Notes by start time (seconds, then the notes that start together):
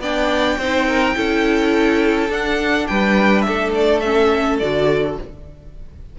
0.00 B3 D4 D5 G5
0.58 C4 D#4 C5
0.88 A#4
1.15 C#4 E4 A4
2.30 D4 F#5
2.87 G3 B4 G5
3.42 A4 E5
3.49 A3
3.75 D5
4.00 C#4 E5
4.59 D3 F#4 D5